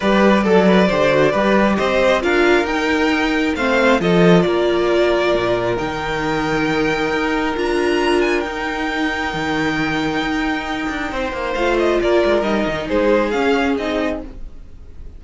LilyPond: <<
  \new Staff \with { instrumentName = "violin" } { \time 4/4 \tempo 4 = 135 d''1 | dis''4 f''4 g''2 | f''4 dis''4 d''2~ | d''4 g''2.~ |
g''4 ais''4. gis''8 g''4~ | g''1~ | g''2 f''8 dis''8 d''4 | dis''4 c''4 f''4 dis''4 | }
  \new Staff \with { instrumentName = "violin" } { \time 4/4 b'4 a'8 b'8 c''4 b'4 | c''4 ais'2. | c''4 a'4 ais'2~ | ais'1~ |
ais'1~ | ais'1~ | ais'4 c''2 ais'4~ | ais'4 gis'2. | }
  \new Staff \with { instrumentName = "viola" } { \time 4/4 g'4 a'4 g'8 fis'8 g'4~ | g'4 f'4 dis'2 | c'4 f'2.~ | f'4 dis'2.~ |
dis'4 f'2 dis'4~ | dis'1~ | dis'2 f'2 | dis'2 cis'4 dis'4 | }
  \new Staff \with { instrumentName = "cello" } { \time 4/4 g4 fis4 d4 g4 | c'4 d'4 dis'2 | a4 f4 ais2 | ais,4 dis2. |
dis'4 d'2 dis'4~ | dis'4 dis2 dis'4~ | dis'8 d'8 c'8 ais8 a4 ais8 gis8 | g8 dis8 gis4 cis'4 c'4 | }
>>